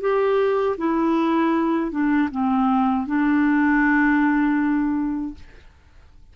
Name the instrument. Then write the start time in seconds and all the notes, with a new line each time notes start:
clarinet
0.00 G4
0.77 E4
1.91 D4
2.31 C4
3.06 D4